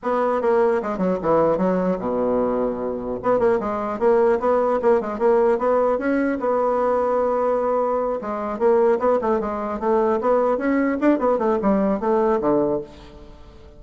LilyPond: \new Staff \with { instrumentName = "bassoon" } { \time 4/4 \tempo 4 = 150 b4 ais4 gis8 fis8 e4 | fis4 b,2. | b8 ais8 gis4 ais4 b4 | ais8 gis8 ais4 b4 cis'4 |
b1~ | b8 gis4 ais4 b8 a8 gis8~ | gis8 a4 b4 cis'4 d'8 | b8 a8 g4 a4 d4 | }